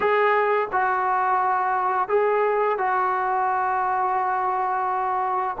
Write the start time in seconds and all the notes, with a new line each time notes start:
0.00 G#4
0.72 F#4
2.08 G#4
2.77 F#4